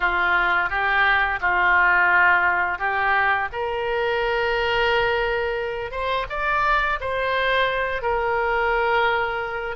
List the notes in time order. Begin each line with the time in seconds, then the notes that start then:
0.00 F4
0.69 G4
1.40 F4
2.78 G4
3.52 A#4
5.91 C5
6.29 D5
7.00 C5
8.02 A#4